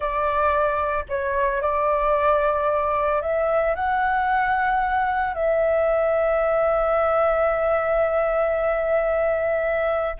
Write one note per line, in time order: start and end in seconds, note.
0.00 1.04 D5
1.08 1.61 C#5
1.61 3.21 D5
3.21 3.75 E5
3.75 5.34 F#5
5.34 10.16 E5